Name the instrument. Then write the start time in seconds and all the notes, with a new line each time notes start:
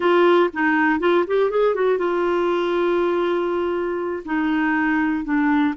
clarinet
0.00 F4
0.53 D#4
0.99 F4
1.27 G4
1.50 G#4
1.75 F#4
1.97 F4
4.25 D#4
5.24 D4